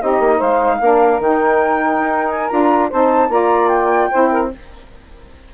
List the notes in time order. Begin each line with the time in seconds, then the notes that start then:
0.00 C4 D#4 G4 D#5
0.19 A#3
0.37 G#3 C5 F5
0.80 A#3 D4 A#4
1.19 D#3 D#4 G5
1.99 D#4
2.30 G#5
2.48 D4 F4 A#5
2.89 C4 D#4 C5 A5
3.29 A#3 F4 D5 A#5
3.68 G5
4.10 C4 E4 C5
4.31 A#4